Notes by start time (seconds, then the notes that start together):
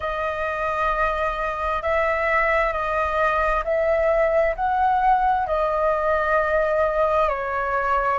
0.00 D#5
1.82 E5
2.72 D#5
3.64 E5
4.55 F#5
5.47 D#5
7.28 C#5